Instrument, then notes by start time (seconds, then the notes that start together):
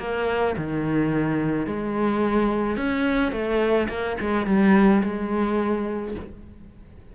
cello
0.00 A#3
0.58 D#3
1.67 G#3
2.77 C#4
3.33 A3
3.89 A#3
4.21 G#3
4.47 G3
5.04 G#3